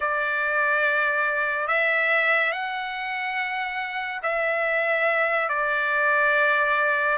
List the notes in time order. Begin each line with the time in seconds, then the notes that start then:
0.00 D5
1.67 E5
2.51 F#5
4.23 E5
5.49 D5